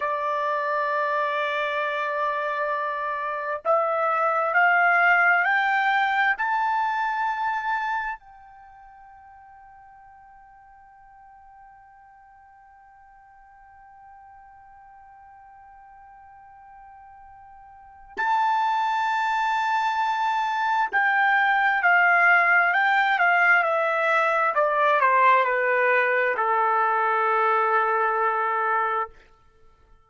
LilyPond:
\new Staff \with { instrumentName = "trumpet" } { \time 4/4 \tempo 4 = 66 d''1 | e''4 f''4 g''4 a''4~ | a''4 g''2.~ | g''1~ |
g''1 | a''2. g''4 | f''4 g''8 f''8 e''4 d''8 c''8 | b'4 a'2. | }